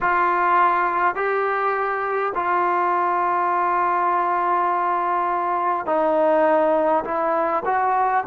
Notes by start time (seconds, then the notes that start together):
0.00 F4
1.15 G4
2.35 F4
5.86 D#4
7.04 E4
7.65 F#4